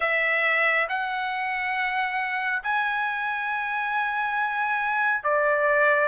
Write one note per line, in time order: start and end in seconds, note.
0.00 0.87 E5
0.89 2.62 F#5
2.63 5.23 G#5
5.23 6.08 D5